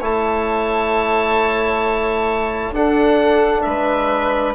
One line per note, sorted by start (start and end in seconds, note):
0.00 2.71 A3
0.00 2.74 E4
0.00 2.73 C#5
0.00 2.75 A5
2.71 3.62 D4
2.71 4.54 D4
2.71 3.65 A4
2.71 3.62 F#5
3.62 4.54 G#3
3.62 4.54 B4
3.62 4.53 E5